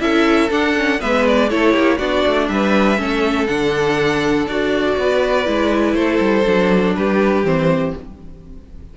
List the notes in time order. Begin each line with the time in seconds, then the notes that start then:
0.00 C#4 E4 A4 E5
0.50 D4 F#5
0.77 C#4
0.99 G#3 B3 B4 E5
1.27 D5
1.50 A3 E4 A4 C#5
1.72 A#3 G4
1.98 B3 D4 F#4 D5
2.27 A3
2.49 G3 B4 E5
2.97 A3 C#4 A4
3.48 D3 D4 F#5
4.47 D4 F#4 D5
4.98 B3 B4
5.45 G#3 E4
5.94 A3 A4 C5
6.20 G3
6.46 F#3 D4
6.96 G3 G4 B4
7.44 E3 C4 C5